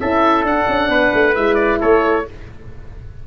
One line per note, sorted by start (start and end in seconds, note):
0.00 0.43 C#4
0.00 0.46 E4
0.00 0.90 A4
0.00 0.45 E5
0.43 0.66 D4
0.43 1.35 D4
0.43 1.35 F#5
0.68 0.89 C#4
0.89 1.11 B3
0.89 1.80 B4
1.13 1.35 A3
1.35 1.81 G#3
1.35 2.25 E4
1.35 1.55 E5
1.55 1.77 D5
1.80 2.27 A3
1.80 2.25 A4
1.80 2.26 C#5